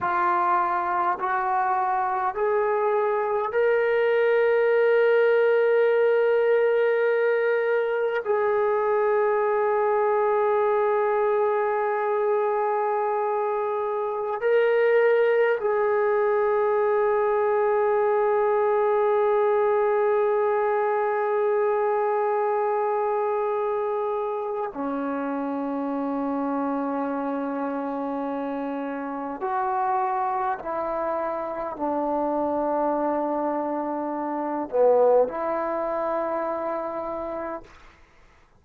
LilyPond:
\new Staff \with { instrumentName = "trombone" } { \time 4/4 \tempo 4 = 51 f'4 fis'4 gis'4 ais'4~ | ais'2. gis'4~ | gis'1~ | gis'16 ais'4 gis'2~ gis'8.~ |
gis'1~ | gis'4 cis'2.~ | cis'4 fis'4 e'4 d'4~ | d'4. b8 e'2 | }